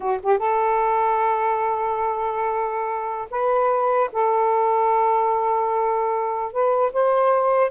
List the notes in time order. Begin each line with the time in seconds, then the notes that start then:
0.00 F#4
0.23 G4
0.38 A4
3.30 B4
4.12 A4
6.52 B4
6.92 C5